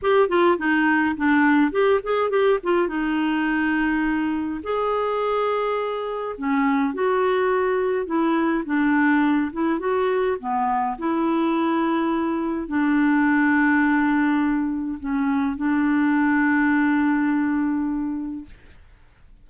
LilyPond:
\new Staff \with { instrumentName = "clarinet" } { \time 4/4 \tempo 4 = 104 g'8 f'8 dis'4 d'4 g'8 gis'8 | g'8 f'8 dis'2. | gis'2. cis'4 | fis'2 e'4 d'4~ |
d'8 e'8 fis'4 b4 e'4~ | e'2 d'2~ | d'2 cis'4 d'4~ | d'1 | }